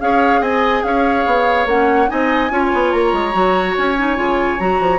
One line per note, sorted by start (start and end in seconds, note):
0.00 0.41 C#4
0.00 1.67 G#4
0.00 0.41 C#5
0.00 0.42 F5
0.41 0.83 C4
0.41 0.82 D#5
0.41 0.83 G#5
0.83 1.25 C#4
0.83 2.11 C#5
0.83 1.67 F5
1.26 1.66 B3
1.66 2.08 A#3
1.66 2.07 C#4
1.66 2.09 F#5
2.07 2.51 C4
2.07 2.49 D#4
2.07 2.52 D#5
2.07 2.92 G#5
2.51 2.71 C#4
2.51 3.32 F4
2.51 4.99 C#5
2.74 2.93 B3
2.92 3.13 A#3
2.92 3.75 A#5
3.13 3.34 G#3
3.32 3.76 F#3
3.32 3.94 F#4
3.78 4.17 C#4
3.78 4.60 G#5
3.98 4.16 D#4
4.16 4.59 C#3
4.16 4.58 F4
4.59 4.80 F#3
4.59 4.99 F#4
4.59 4.99 A#5
4.80 4.99 F3